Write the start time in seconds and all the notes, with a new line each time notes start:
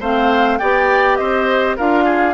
0.00 A3 C4 C5 F5
0.58 B3 G4 D5 G5
1.16 C4 C5 D#5
1.77 D4 F4 A#4 F5
2.05 G#4